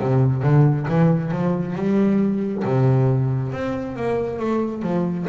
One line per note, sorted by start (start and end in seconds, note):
0.00 0.43 C3
0.43 0.87 D3
0.89 1.31 E3
1.31 1.75 F3
1.75 2.64 G3
2.65 3.53 C3
3.53 3.96 C4
3.96 4.39 A#3
4.39 4.82 A3
4.82 5.27 F3